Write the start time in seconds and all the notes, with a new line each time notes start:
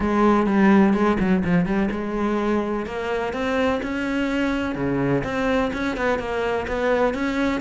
0.00 G#3
0.46 G3
0.93 G#3
1.19 F#3
1.44 F3
1.65 G3
1.91 G#3
2.85 A#3
3.33 C4
3.82 C#4
4.75 C#3
5.24 C4
5.73 C#4
5.97 B3
6.18 A#3
6.67 B3
7.13 C#4